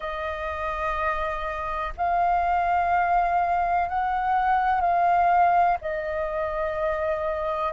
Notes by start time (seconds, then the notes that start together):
0.00 D#5
1.97 F5
3.88 F#5
4.80 F5
5.81 D#5